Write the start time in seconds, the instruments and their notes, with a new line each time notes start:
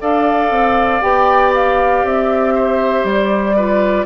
0.00 bassoon D4, clarinet A4, oboe D5, flute F5
0.50 bassoon C4
1.01 bassoon B3, clarinet G4, flute G5
1.54 flute F5
2.04 bassoon C4, flute E5
2.55 oboe C5
3.04 bassoon G3, flute D5
3.56 clarinet F4, oboe B4